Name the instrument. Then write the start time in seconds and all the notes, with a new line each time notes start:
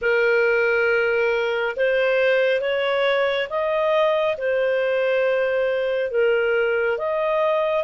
clarinet
0.01 A#4
1.76 C5
2.60 C#5
3.49 D#5
4.37 C5
6.11 A#4
6.98 D#5